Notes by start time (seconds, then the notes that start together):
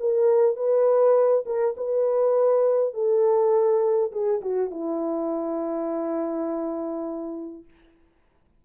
0.00 A#4
0.56 B4
1.46 A#4
1.77 B4
2.94 A4
4.12 G#4
4.42 F#4
4.71 E4